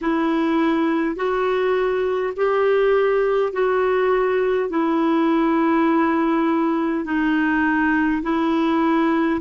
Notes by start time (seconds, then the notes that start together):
0.01 E4
1.16 F#4
2.36 G4
3.52 F#4
4.69 E4
7.04 D#4
8.22 E4